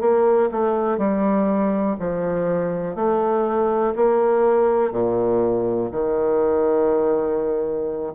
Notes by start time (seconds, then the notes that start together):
0.00 A#3
0.51 A3
0.97 G3
1.99 F3
2.95 A3
3.95 A#3
4.91 A#2
5.92 D#3